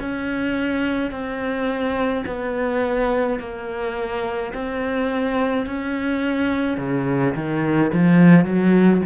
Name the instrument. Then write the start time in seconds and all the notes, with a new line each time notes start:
cello
0.00 C#4
1.11 C4
2.26 B3
3.40 A#3
4.54 C4
5.66 C#4
6.78 C#3
7.35 D#3
7.93 F3
8.45 F#3